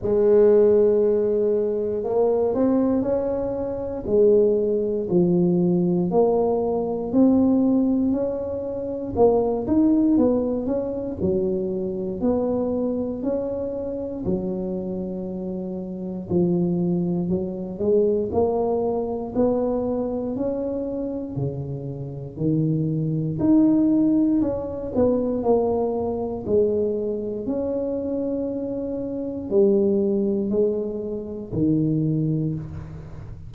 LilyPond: \new Staff \with { instrumentName = "tuba" } { \time 4/4 \tempo 4 = 59 gis2 ais8 c'8 cis'4 | gis4 f4 ais4 c'4 | cis'4 ais8 dis'8 b8 cis'8 fis4 | b4 cis'4 fis2 |
f4 fis8 gis8 ais4 b4 | cis'4 cis4 dis4 dis'4 | cis'8 b8 ais4 gis4 cis'4~ | cis'4 g4 gis4 dis4 | }